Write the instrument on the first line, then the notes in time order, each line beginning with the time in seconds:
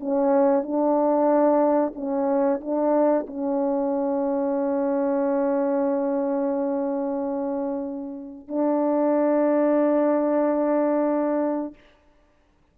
horn
0.00 C#4
0.63 D4
1.95 C#4
2.61 D4
3.27 C#4
8.48 D4